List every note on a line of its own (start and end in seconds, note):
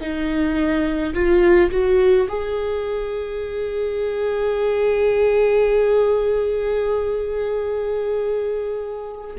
0.00 1.13 D#4
1.14 1.70 F4
1.71 2.27 F#4
2.28 9.36 G#4